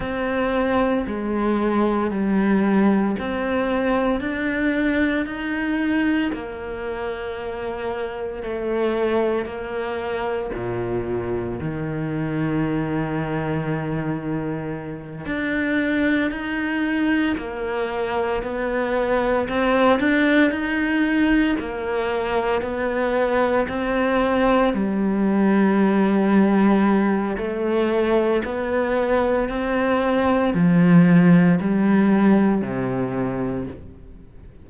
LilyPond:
\new Staff \with { instrumentName = "cello" } { \time 4/4 \tempo 4 = 57 c'4 gis4 g4 c'4 | d'4 dis'4 ais2 | a4 ais4 ais,4 dis4~ | dis2~ dis8 d'4 dis'8~ |
dis'8 ais4 b4 c'8 d'8 dis'8~ | dis'8 ais4 b4 c'4 g8~ | g2 a4 b4 | c'4 f4 g4 c4 | }